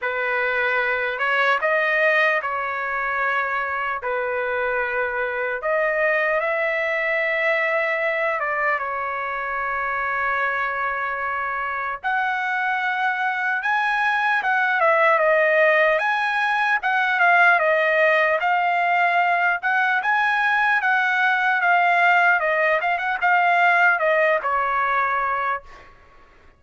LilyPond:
\new Staff \with { instrumentName = "trumpet" } { \time 4/4 \tempo 4 = 75 b'4. cis''8 dis''4 cis''4~ | cis''4 b'2 dis''4 | e''2~ e''8 d''8 cis''4~ | cis''2. fis''4~ |
fis''4 gis''4 fis''8 e''8 dis''4 | gis''4 fis''8 f''8 dis''4 f''4~ | f''8 fis''8 gis''4 fis''4 f''4 | dis''8 f''16 fis''16 f''4 dis''8 cis''4. | }